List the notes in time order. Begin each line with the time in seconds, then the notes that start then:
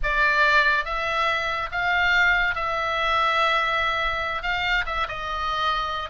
0.03 D5
0.85 E5
1.71 F5
2.55 E5
4.42 F5
4.86 E5
5.08 D#5